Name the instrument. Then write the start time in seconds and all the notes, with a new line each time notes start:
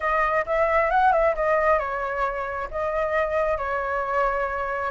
flute
0.00 D#5
0.46 E5
0.90 F#5
1.12 E5
1.35 D#5
1.78 C#5
2.70 D#5
3.57 C#5